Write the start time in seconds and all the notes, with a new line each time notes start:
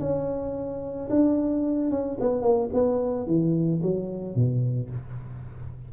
0.00 C#4
1.10 D4
1.91 C#4
2.20 B3
2.42 A#3
2.74 B3
3.27 E3
3.82 F#3
4.36 B2